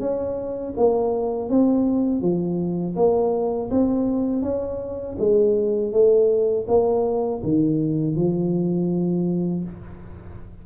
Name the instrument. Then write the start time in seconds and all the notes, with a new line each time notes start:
tuba
0.00 C#4
0.77 A#3
1.49 C4
2.22 F3
2.96 A#3
3.71 C4
4.42 C#4
5.19 G#3
5.93 A3
6.68 A#3
7.44 D#3
8.16 F3